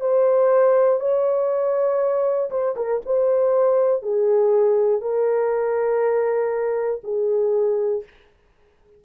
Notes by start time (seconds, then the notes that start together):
0.00 C5
1.00 C#5
2.50 C5
2.76 A#4
3.05 C5
4.02 G#4
5.01 A#4
7.03 G#4